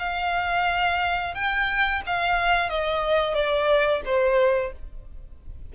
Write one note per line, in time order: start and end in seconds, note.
0.00 1.35 F5
1.35 2.02 G5
2.07 2.70 F5
2.70 3.35 D#5
3.35 4.02 D5
4.06 4.73 C5